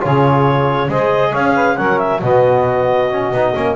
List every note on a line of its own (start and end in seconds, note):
0.00 0.88 C#3
0.00 0.88 F4
0.00 0.90 G#4
0.00 0.91 C#5
0.88 1.32 G#3
0.88 1.77 G#4
0.88 1.30 C5
0.88 1.34 D#5
1.30 1.78 C#4
1.30 1.52 C#5
1.30 1.77 F5
1.55 1.77 B4
1.77 2.22 F#3
1.77 2.22 C#4
1.77 2.22 A#4
1.77 1.98 F#5
1.98 2.20 E5
2.22 3.32 B2
2.22 3.11 B3
2.22 3.76 F#4
2.22 3.76 D#5
3.11 3.33 C#4
3.32 3.54 B3
3.32 3.55 D#4
3.55 3.76 A#3
3.55 3.76 C#4